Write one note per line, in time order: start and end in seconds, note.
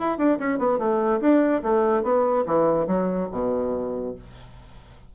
0.00 0.18 E4
0.18 0.39 D4
0.40 0.59 C#4
0.59 0.79 B3
0.79 1.21 A3
1.21 1.63 D4
1.63 2.04 A3
2.04 2.45 B3
2.47 2.87 E3
2.87 3.29 F#3
3.32 4.15 B2